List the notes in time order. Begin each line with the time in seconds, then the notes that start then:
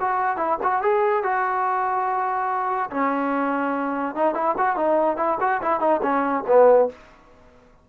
0.00 F#4
0.37 E4
0.63 F#4
0.82 G#4
1.23 F#4
2.90 C#4
4.15 D#4
4.34 E4
4.58 F#4
4.76 D#4
5.17 E4
5.40 F#4
5.62 E4
5.80 D#4
6.02 C#4
6.47 B3